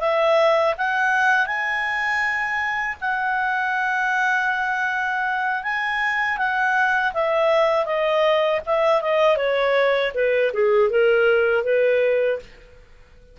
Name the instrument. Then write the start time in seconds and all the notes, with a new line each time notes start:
clarinet
0.00 E5
0.78 F#5
1.47 G#5
3.01 F#5
5.63 G#5
6.38 F#5
7.14 E5
7.85 D#5
8.66 E5
9.02 D#5
9.37 C#5
10.15 B4
10.53 G#4
10.90 A#4
11.64 B4